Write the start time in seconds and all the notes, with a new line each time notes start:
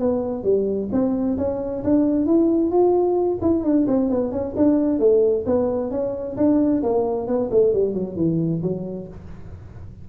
0.00 B3
0.44 G3
0.92 C4
1.38 C#4
1.84 D4
2.26 E4
2.71 F4
3.42 E4
3.64 D4
3.88 C4
4.10 B3
4.32 C#4
4.57 D4
4.99 A3
5.46 B3
5.91 C#4
6.37 D4
6.83 A#3
7.27 B3
7.51 A3
7.73 G3
7.94 F#3
8.16 E3
8.62 F#3